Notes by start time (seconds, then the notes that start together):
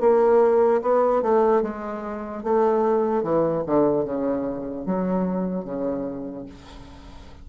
0.00 A#3
0.82 B3
1.22 A3
1.62 G#3
2.43 A3
3.23 E3
3.66 D3
4.05 C#3
4.86 F#3
5.65 C#3